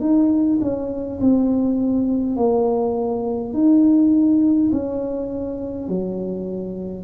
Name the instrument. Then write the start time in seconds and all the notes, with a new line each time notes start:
tuba
0.00 D#4
0.61 C#4
1.20 C4
2.36 A#3
3.53 D#4
4.71 C#4
5.88 F#3